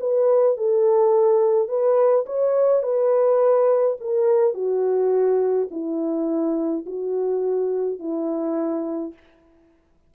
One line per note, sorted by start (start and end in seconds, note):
0.00 0.57 B4
0.57 1.68 A4
1.68 2.25 B4
2.26 2.83 C#5
2.83 3.97 B4
4.00 4.54 A#4
4.54 5.69 F#4
5.71 6.85 E4
6.86 7.99 F#4
7.99 9.13 E4